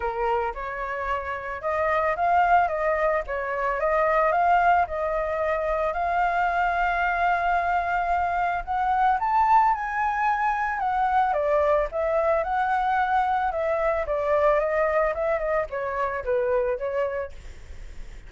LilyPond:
\new Staff \with { instrumentName = "flute" } { \time 4/4 \tempo 4 = 111 ais'4 cis''2 dis''4 | f''4 dis''4 cis''4 dis''4 | f''4 dis''2 f''4~ | f''1 |
fis''4 a''4 gis''2 | fis''4 d''4 e''4 fis''4~ | fis''4 e''4 d''4 dis''4 | e''8 dis''8 cis''4 b'4 cis''4 | }